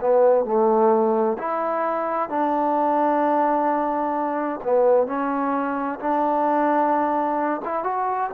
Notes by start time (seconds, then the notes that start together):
0.00 B3
0.44 A3
1.38 E4
2.29 D4
4.63 B3
5.06 C#4
5.99 D4
7.64 E4
7.83 F#4